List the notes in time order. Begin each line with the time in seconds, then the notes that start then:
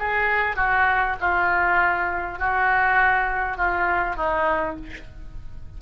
0.00 G#4
0.57 F#4
1.21 F4
2.39 F#4
3.58 F4
4.16 D#4